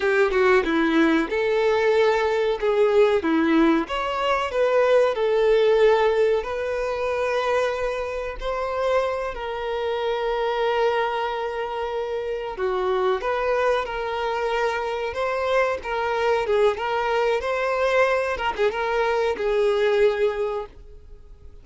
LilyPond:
\new Staff \with { instrumentName = "violin" } { \time 4/4 \tempo 4 = 93 g'8 fis'8 e'4 a'2 | gis'4 e'4 cis''4 b'4 | a'2 b'2~ | b'4 c''4. ais'4.~ |
ais'2.~ ais'8 fis'8~ | fis'8 b'4 ais'2 c''8~ | c''8 ais'4 gis'8 ais'4 c''4~ | c''8 ais'16 gis'16 ais'4 gis'2 | }